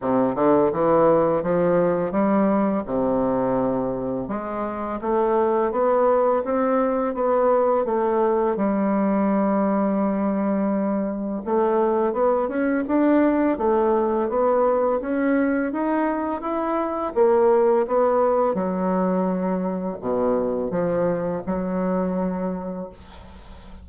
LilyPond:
\new Staff \with { instrumentName = "bassoon" } { \time 4/4 \tempo 4 = 84 c8 d8 e4 f4 g4 | c2 gis4 a4 | b4 c'4 b4 a4 | g1 |
a4 b8 cis'8 d'4 a4 | b4 cis'4 dis'4 e'4 | ais4 b4 fis2 | b,4 f4 fis2 | }